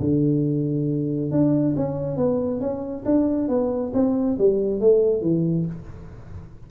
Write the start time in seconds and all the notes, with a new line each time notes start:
0.00 D3
1.31 D4
1.76 C#4
2.17 B3
2.60 C#4
3.05 D4
3.49 B3
3.94 C4
4.38 G3
4.80 A3
5.22 E3